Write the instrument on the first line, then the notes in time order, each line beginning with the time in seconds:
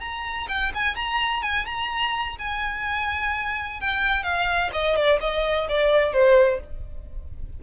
violin
0.00 A#5
0.49 G5
0.75 G#5
0.96 A#5
1.43 G#5
1.66 A#5
2.39 G#5
3.81 G5
4.23 F5
4.73 D#5
4.96 D5
5.21 D#5
5.69 D5
6.13 C5